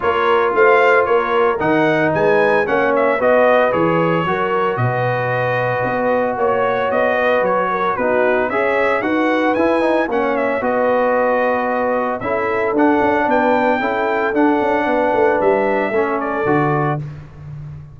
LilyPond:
<<
  \new Staff \with { instrumentName = "trumpet" } { \time 4/4 \tempo 4 = 113 cis''4 f''4 cis''4 fis''4 | gis''4 fis''8 e''8 dis''4 cis''4~ | cis''4 dis''2. | cis''4 dis''4 cis''4 b'4 |
e''4 fis''4 gis''4 fis''8 e''8 | dis''2. e''4 | fis''4 g''2 fis''4~ | fis''4 e''4. d''4. | }
  \new Staff \with { instrumentName = "horn" } { \time 4/4 ais'4 c''4 ais'2 | b'4 cis''4 b'2 | ais'4 b'2. | cis''4. b'4 ais'8 fis'4 |
cis''4 b'2 cis''4 | b'2. a'4~ | a'4 b'4 a'2 | b'2 a'2 | }
  \new Staff \with { instrumentName = "trombone" } { \time 4/4 f'2. dis'4~ | dis'4 cis'4 fis'4 gis'4 | fis'1~ | fis'2. dis'4 |
gis'4 fis'4 e'8 dis'8 cis'4 | fis'2. e'4 | d'2 e'4 d'4~ | d'2 cis'4 fis'4 | }
  \new Staff \with { instrumentName = "tuba" } { \time 4/4 ais4 a4 ais4 dis4 | gis4 ais4 b4 e4 | fis4 b,2 b4 | ais4 b4 fis4 b4 |
cis'4 dis'4 e'4 ais4 | b2. cis'4 | d'8 cis'8 b4 cis'4 d'8 cis'8 | b8 a8 g4 a4 d4 | }
>>